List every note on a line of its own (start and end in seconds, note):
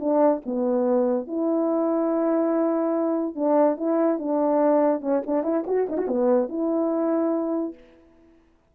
0.00 0.42 D4
0.46 1.27 B3
1.27 3.35 E4
3.35 3.77 D4
3.77 4.19 E4
4.19 5.01 D4
5.01 5.22 C#4
5.27 5.43 D4
5.43 5.64 E4
5.67 5.87 F#4
5.89 5.98 D#4
5.98 6.08 F#4
6.08 6.49 B3
6.49 7.74 E4